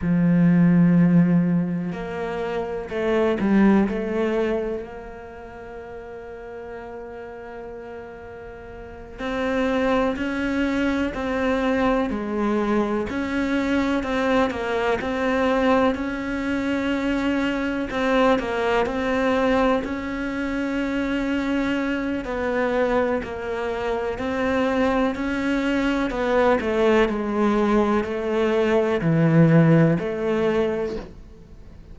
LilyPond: \new Staff \with { instrumentName = "cello" } { \time 4/4 \tempo 4 = 62 f2 ais4 a8 g8 | a4 ais2.~ | ais4. c'4 cis'4 c'8~ | c'8 gis4 cis'4 c'8 ais8 c'8~ |
c'8 cis'2 c'8 ais8 c'8~ | c'8 cis'2~ cis'8 b4 | ais4 c'4 cis'4 b8 a8 | gis4 a4 e4 a4 | }